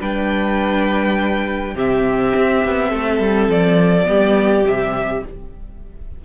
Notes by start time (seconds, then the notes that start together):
0.00 G3 D4 B4 G5
1.75 C3 C4 G4 E5
2.35 C4
2.65 B3
2.89 A3 A4
3.20 G3
3.48 F3 D5
4.05 G3 B3 G4
4.64 C3 G3 E5